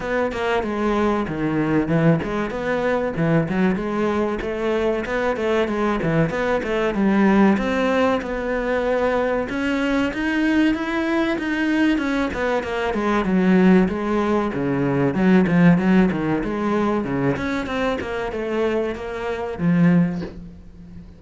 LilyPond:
\new Staff \with { instrumentName = "cello" } { \time 4/4 \tempo 4 = 95 b8 ais8 gis4 dis4 e8 gis8 | b4 e8 fis8 gis4 a4 | b8 a8 gis8 e8 b8 a8 g4 | c'4 b2 cis'4 |
dis'4 e'4 dis'4 cis'8 b8 | ais8 gis8 fis4 gis4 cis4 | fis8 f8 fis8 dis8 gis4 cis8 cis'8 | c'8 ais8 a4 ais4 f4 | }